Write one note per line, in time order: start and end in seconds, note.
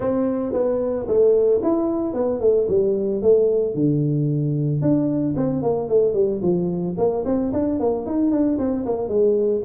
0.00 0.52 C4
0.53 1.06 B3
1.07 1.61 A3
1.62 2.13 E4
2.13 2.40 B3
2.40 2.67 A3
2.68 3.21 G3
3.21 3.74 A3
3.74 4.81 D3
4.81 5.34 D4
5.36 5.62 C4
5.62 5.88 A#3
5.88 6.13 A3
6.13 6.40 G3
6.42 6.95 F3
6.97 7.24 A#3
7.25 7.51 C4
7.53 7.79 D4
7.79 8.06 A#3
8.06 8.31 D#4
8.31 8.58 D4
8.58 8.85 C4
8.85 9.08 A#3
9.08 9.62 G#3